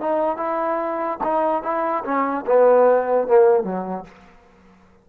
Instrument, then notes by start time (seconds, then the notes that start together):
trombone
0.00 D#4
0.37 E4
1.23 D#4
1.63 E4
2.04 C#4
2.46 B3
3.27 A#3
3.63 F#3